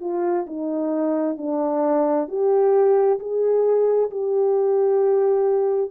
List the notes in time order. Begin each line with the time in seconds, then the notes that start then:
0.00 F4
0.46 D#4
1.37 D4
2.28 G4
3.19 G#4
4.10 G4